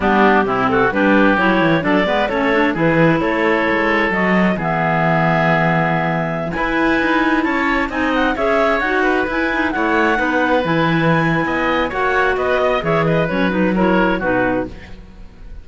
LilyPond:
<<
  \new Staff \with { instrumentName = "clarinet" } { \time 4/4 \tempo 4 = 131 g'4. a'8 b'4 cis''4 | d''4 cis''4 b'4 cis''4~ | cis''4 dis''4 e''2~ | e''2~ e''16 gis''4.~ gis''16~ |
gis''16 a''4 gis''8 fis''8 e''4 fis''8.~ | fis''16 gis''4 fis''2 gis''8.~ | gis''2 fis''4 dis''4 | e''8 dis''8 cis''8 b'8 cis''4 b'4 | }
  \new Staff \with { instrumentName = "oboe" } { \time 4/4 d'4 e'8 fis'8 g'2 | a'8 b'8 a'4 gis'4 a'4~ | a'2 gis'2~ | gis'2~ gis'16 b'4.~ b'16~ |
b'16 cis''4 dis''4 cis''4. b'16~ | b'4~ b'16 cis''4 b'4.~ b'16~ | b'4 dis''4 cis''4 b'8 dis''8 | cis''8 b'4. ais'4 fis'4 | }
  \new Staff \with { instrumentName = "clarinet" } { \time 4/4 b4 c'4 d'4 e'4 | d'8 b8 cis'8 d'8 e'2~ | e'4 fis'4 b2~ | b2~ b16 e'4.~ e'16~ |
e'4~ e'16 dis'4 gis'4 fis'8.~ | fis'16 e'8 dis'8 e'4 dis'4 e'8.~ | e'2 fis'2 | gis'4 cis'8 dis'8 e'4 dis'4 | }
  \new Staff \with { instrumentName = "cello" } { \time 4/4 g4 c4 g4 fis8 e8 | fis8 gis8 a4 e4 a4 | gis4 fis4 e2~ | e2~ e16 e'4 dis'8.~ |
dis'16 cis'4 c'4 cis'4 dis'8.~ | dis'16 e'4 a4 b4 e8.~ | e4 b4 ais4 b4 | e4 fis2 b,4 | }
>>